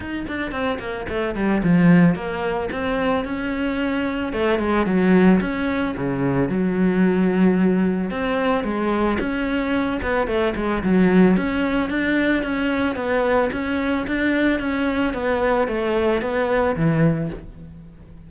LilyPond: \new Staff \with { instrumentName = "cello" } { \time 4/4 \tempo 4 = 111 dis'8 d'8 c'8 ais8 a8 g8 f4 | ais4 c'4 cis'2 | a8 gis8 fis4 cis'4 cis4 | fis2. c'4 |
gis4 cis'4. b8 a8 gis8 | fis4 cis'4 d'4 cis'4 | b4 cis'4 d'4 cis'4 | b4 a4 b4 e4 | }